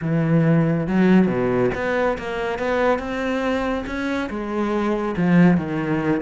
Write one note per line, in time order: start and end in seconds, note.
0.01 0.87 E3
0.87 1.27 F#3
1.27 1.70 B2
1.74 2.17 B3
2.17 2.59 A#3
2.59 2.98 B3
2.98 3.84 C4
3.86 4.29 C#4
4.29 5.15 G#3
5.16 5.57 F3
5.57 6.21 D#3